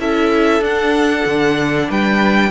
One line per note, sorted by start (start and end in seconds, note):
0.00 0.61 C#4
0.00 0.62 E4
0.00 1.89 A4
0.00 0.64 E5
0.61 1.24 D4
0.61 2.51 D4
0.61 1.91 F#5
1.26 1.89 D3
1.90 2.51 G3
1.90 2.51 B4
1.90 2.51 G5